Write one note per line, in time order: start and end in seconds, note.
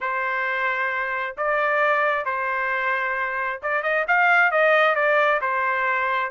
0.00 1.36 C5
1.37 2.25 D5
2.25 3.60 C5
3.62 3.82 D5
3.82 4.05 D#5
4.07 4.51 F5
4.51 4.95 D#5
4.95 5.40 D5
5.41 6.30 C5